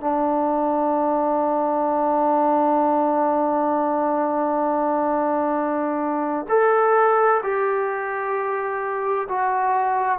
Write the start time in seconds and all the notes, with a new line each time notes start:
0.00 D4
6.49 A4
7.43 G4
9.29 F#4